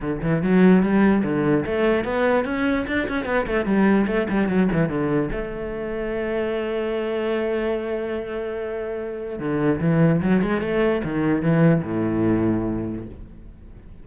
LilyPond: \new Staff \with { instrumentName = "cello" } { \time 4/4 \tempo 4 = 147 d8 e8 fis4 g4 d4 | a4 b4 cis'4 d'8 cis'8 | b8 a8 g4 a8 g8 fis8 e8 | d4 a2.~ |
a1~ | a2. d4 | e4 fis8 gis8 a4 dis4 | e4 a,2. | }